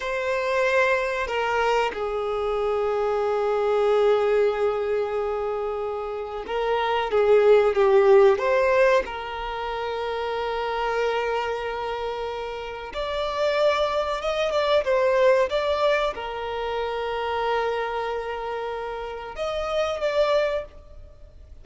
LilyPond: \new Staff \with { instrumentName = "violin" } { \time 4/4 \tempo 4 = 93 c''2 ais'4 gis'4~ | gis'1~ | gis'2 ais'4 gis'4 | g'4 c''4 ais'2~ |
ais'1 | d''2 dis''8 d''8 c''4 | d''4 ais'2.~ | ais'2 dis''4 d''4 | }